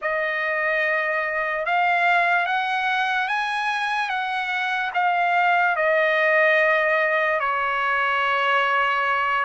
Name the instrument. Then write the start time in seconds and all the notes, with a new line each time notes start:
trumpet
0.01 D#5
1.65 F5
2.45 F#5
3.28 G#5
4.09 F#5
4.94 F5
5.76 D#5
7.40 C#5